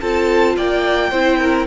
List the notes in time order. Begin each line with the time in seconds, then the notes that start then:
0.00 C4 F4 A4 A5
0.56 A#3 D5 G5
1.10 C4 E4 C5
1.38 A#4